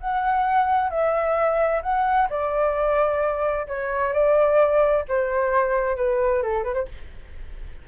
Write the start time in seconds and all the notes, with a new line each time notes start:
0.00 F#5
0.90 E5
1.82 F#5
2.29 D5
3.67 C#5
4.12 D5
5.08 C5
5.96 B4
6.42 A4
6.63 B4
6.74 C5